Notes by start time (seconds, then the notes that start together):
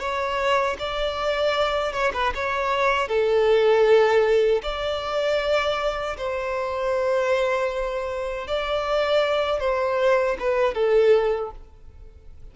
0.00 C#5
0.79 D5
1.93 C#5
2.14 B4
2.35 C#5
3.08 A4
4.63 D5
6.18 C5
8.48 D5
9.60 C5
10.40 B4
10.74 A4